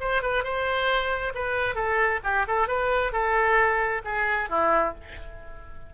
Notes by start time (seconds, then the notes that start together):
0.00 C5
0.22 B4
0.43 C5
1.34 B4
1.75 A4
2.23 G4
2.47 A4
2.68 B4
3.12 A4
4.04 G#4
4.49 E4